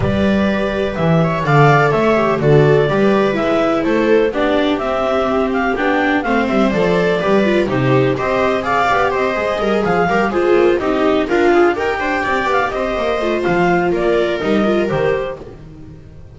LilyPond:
<<
  \new Staff \with { instrumentName = "clarinet" } { \time 4/4 \tempo 4 = 125 d''2 e''4 f''4 | e''4 d''2 e''4 | c''4 d''4 e''4. f''8 | g''4 f''8 e''8 d''2 |
c''4 dis''4 f''4 dis''4~ | dis''8 f''4 c''4 dis''4 f''8~ | f''8 g''4. f''8 dis''4. | f''4 d''4 dis''4 c''4 | }
  \new Staff \with { instrumentName = "viola" } { \time 4/4 b'2~ b'8 cis''8 d''4 | cis''4 a'4 b'2 | a'4 g'2.~ | g'4 c''2 b'4 |
g'4 c''4 d''4 c''4 | ais'8 gis'8 ais'8 gis'4 g'4 f'8~ | f'8 ais'8 c''8 d''4 c''4.~ | c''4 ais'2. | }
  \new Staff \with { instrumentName = "viola" } { \time 4/4 g'2. a'4~ | a'8 g'8 fis'4 g'4 e'4~ | e'4 d'4 c'2 | d'4 c'4 a'4 g'8 f'8 |
dis'4 g'4 gis'8 g'4 gis'8~ | gis'4 g'8 f'4 dis'4 ais'8 | gis'8 g'2. f'8~ | f'2 dis'8 f'8 g'4 | }
  \new Staff \with { instrumentName = "double bass" } { \time 4/4 g2 e4 d4 | a4 d4 g4 gis4 | a4 b4 c'2 | b4 a8 g8 f4 g4 |
c4 c'4. b8 c'8 gis8 | g8 f8 g8 gis8 ais8 c'4 d'8~ | d'8 dis'8 d'8 c'8 b8 c'8 ais8 a8 | f4 ais4 g4 dis4 | }
>>